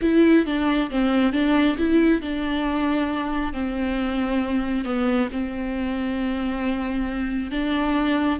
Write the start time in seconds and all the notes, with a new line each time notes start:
0.01 E4
0.45 D4
0.90 C4
1.32 D4
1.78 E4
2.21 D4
3.53 C4
4.84 B3
5.32 C4
7.51 D4